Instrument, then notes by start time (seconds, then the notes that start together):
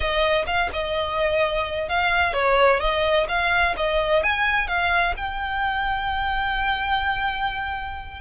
violin
0.00 D#5
0.46 F5
0.73 D#5
1.88 F5
2.33 C#5
2.80 D#5
3.28 F5
3.76 D#5
4.23 G#5
4.67 F5
5.16 G5